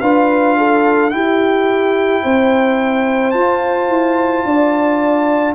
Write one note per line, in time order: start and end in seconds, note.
0.00 1.12 D4
0.00 1.11 F4
0.00 0.56 B4
0.00 1.10 F5
0.57 1.13 A4
1.10 3.33 E4
1.10 2.23 E4
1.10 2.23 G4
1.10 3.31 G5
2.23 3.33 C4
2.23 4.45 C5
3.31 3.88 F4
3.31 5.55 F4
3.31 5.53 A5
3.88 4.43 E4
4.44 5.55 D4
4.44 5.55 D5